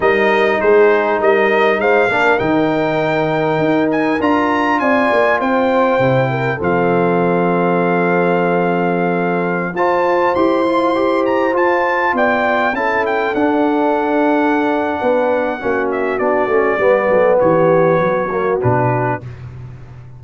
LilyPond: <<
  \new Staff \with { instrumentName = "trumpet" } { \time 4/4 \tempo 4 = 100 dis''4 c''4 dis''4 f''4 | g''2~ g''8 gis''8 ais''4 | gis''4 g''2 f''4~ | f''1~ |
f''16 a''4 c'''4. ais''8 a''8.~ | a''16 g''4 a''8 g''8 fis''4.~ fis''16~ | fis''2~ fis''8 e''8 d''4~ | d''4 cis''2 b'4 | }
  \new Staff \with { instrumentName = "horn" } { \time 4/4 ais'4 gis'4 ais'4 c''8 ais'8~ | ais'1 | d''4 c''4. ais'8 a'4~ | a'1~ |
a'16 c''2.~ c''8.~ | c''16 d''4 a'2~ a'8.~ | a'4 b'4 fis'2 | b'8 a'8 g'4 fis'2 | }
  \new Staff \with { instrumentName = "trombone" } { \time 4/4 dis'2.~ dis'8 d'8 | dis'2. f'4~ | f'2 e'4 c'4~ | c'1~ |
c'16 f'4 g'8 f'8 g'4 f'8.~ | f'4~ f'16 e'4 d'4.~ d'16~ | d'2 cis'4 d'8 cis'8 | b2~ b8 ais8 d'4 | }
  \new Staff \with { instrumentName = "tuba" } { \time 4/4 g4 gis4 g4 gis8 ais8 | dis2 dis'4 d'4 | c'8 ais8 c'4 c4 f4~ | f1~ |
f16 f'4 e'2 f'8.~ | f'16 b4 cis'4 d'4.~ d'16~ | d'4 b4 ais4 b8 a8 | g8 fis8 e4 fis4 b,4 | }
>>